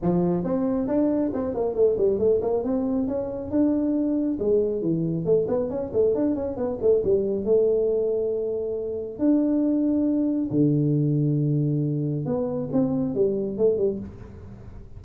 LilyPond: \new Staff \with { instrumentName = "tuba" } { \time 4/4 \tempo 4 = 137 f4 c'4 d'4 c'8 ais8 | a8 g8 a8 ais8 c'4 cis'4 | d'2 gis4 e4 | a8 b8 cis'8 a8 d'8 cis'8 b8 a8 |
g4 a2.~ | a4 d'2. | d1 | b4 c'4 g4 a8 g8 | }